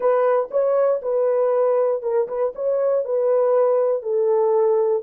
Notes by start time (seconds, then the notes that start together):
0.00 B4
0.50 C#5
1.02 B4
2.02 A#4
2.27 B4
2.55 C#5
3.05 B4
4.02 A4